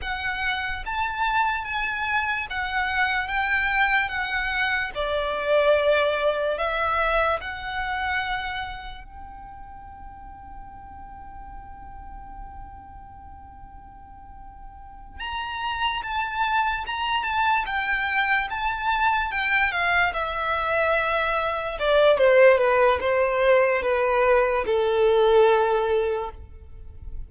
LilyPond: \new Staff \with { instrumentName = "violin" } { \time 4/4 \tempo 4 = 73 fis''4 a''4 gis''4 fis''4 | g''4 fis''4 d''2 | e''4 fis''2 g''4~ | g''1~ |
g''2~ g''8 ais''4 a''8~ | a''8 ais''8 a''8 g''4 a''4 g''8 | f''8 e''2 d''8 c''8 b'8 | c''4 b'4 a'2 | }